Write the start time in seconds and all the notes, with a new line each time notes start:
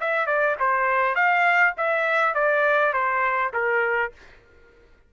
0.00 E5
0.26 D5
0.59 C5
1.15 F5
1.77 E5
2.34 D5
2.93 C5
3.53 A#4